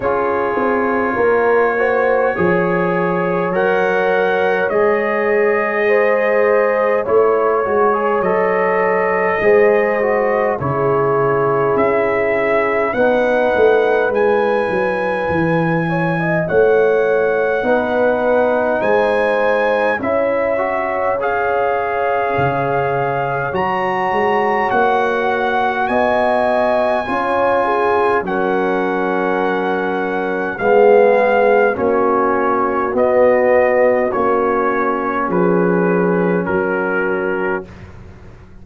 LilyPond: <<
  \new Staff \with { instrumentName = "trumpet" } { \time 4/4 \tempo 4 = 51 cis''2. fis''4 | dis''2 cis''4 dis''4~ | dis''4 cis''4 e''4 fis''4 | gis''2 fis''2 |
gis''4 e''4 f''2 | ais''4 fis''4 gis''2 | fis''2 f''4 cis''4 | dis''4 cis''4 b'4 ais'4 | }
  \new Staff \with { instrumentName = "horn" } { \time 4/4 gis'4 ais'8 c''8 cis''2~ | cis''4 c''4 cis''2 | c''4 gis'2 b'4~ | b'4. cis''16 dis''16 cis''4 b'4 |
c''4 cis''2.~ | cis''2 dis''4 cis''8 gis'8 | ais'2 gis'4 fis'4~ | fis'2 gis'4 fis'4 | }
  \new Staff \with { instrumentName = "trombone" } { \time 4/4 f'4. fis'8 gis'4 ais'4 | gis'2 e'8 fis'16 gis'16 a'4 | gis'8 fis'8 e'2 dis'4 | e'2. dis'4~ |
dis'4 e'8 fis'8 gis'2 | fis'2. f'4 | cis'2 b4 cis'4 | b4 cis'2. | }
  \new Staff \with { instrumentName = "tuba" } { \time 4/4 cis'8 c'8 ais4 f4 fis4 | gis2 a8 gis8 fis4 | gis4 cis4 cis'4 b8 a8 | gis8 fis8 e4 a4 b4 |
gis4 cis'2 cis4 | fis8 gis8 ais4 b4 cis'4 | fis2 gis4 ais4 | b4 ais4 f4 fis4 | }
>>